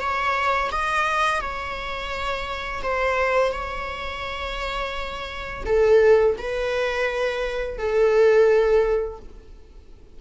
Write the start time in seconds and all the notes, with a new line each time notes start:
0.00 C#5
0.72 D#5
1.41 C#5
2.83 C5
3.53 C#5
5.66 A4
6.39 B4
7.78 A4